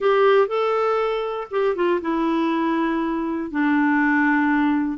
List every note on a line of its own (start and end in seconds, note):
0.00 0.47 G4
0.47 1.47 A4
1.50 1.75 G4
1.75 2.00 F4
2.01 3.50 E4
3.50 4.98 D4